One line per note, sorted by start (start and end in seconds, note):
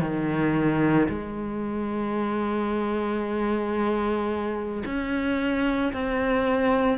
0.00 1.07 D#3
1.08 4.83 G#3
4.85 5.92 C#4
5.93 6.98 C4